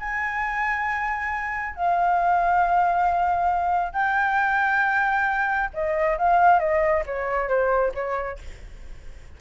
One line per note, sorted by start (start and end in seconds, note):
0.00 1.75 G#5
1.75 3.93 F5
3.93 5.70 G5
5.74 6.18 D#5
6.18 6.60 F5
6.60 7.04 D#5
7.06 7.49 C#5
7.49 7.93 C5
7.95 8.39 C#5